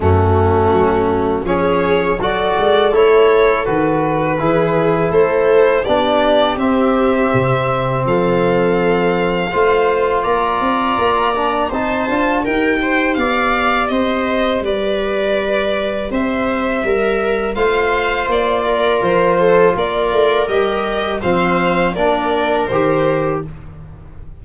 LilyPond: <<
  \new Staff \with { instrumentName = "violin" } { \time 4/4 \tempo 4 = 82 fis'2 cis''4 d''4 | cis''4 b'2 c''4 | d''4 e''2 f''4~ | f''2 ais''2 |
a''4 g''4 f''4 dis''4 | d''2 e''2 | f''4 d''4 c''4 d''4 | dis''4 f''4 d''4 c''4 | }
  \new Staff \with { instrumentName = "viola" } { \time 4/4 cis'2 gis'4 a'4~ | a'2 gis'4 a'4 | g'2. a'4~ | a'4 c''4 d''2 |
c''4 ais'8 c''8 d''4 c''4 | b'2 c''4 ais'4 | c''4. ais'4 a'8 ais'4~ | ais'4 c''4 ais'2 | }
  \new Staff \with { instrumentName = "trombone" } { \time 4/4 a2 cis'4 fis'4 | e'4 fis'4 e'2 | d'4 c'2.~ | c'4 f'2~ f'8 d'8 |
dis'8 f'8 g'2.~ | g'1 | f'1 | g'4 c'4 d'4 g'4 | }
  \new Staff \with { instrumentName = "tuba" } { \time 4/4 fis,4 fis4 f4 fis8 gis8 | a4 dis4 e4 a4 | b4 c'4 c4 f4~ | f4 a4 ais8 c'8 ais4 |
c'8 d'8 dis'4 b4 c'4 | g2 c'4 g4 | a4 ais4 f4 ais8 a8 | g4 f4 ais4 dis4 | }
>>